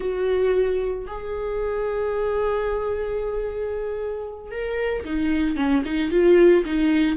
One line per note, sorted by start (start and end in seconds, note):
0.00 1.05 F#4
1.06 4.51 G#4
4.51 5.04 A#4
5.04 5.56 D#4
5.56 5.83 C#4
5.85 6.11 D#4
6.11 6.64 F4
6.65 7.17 D#4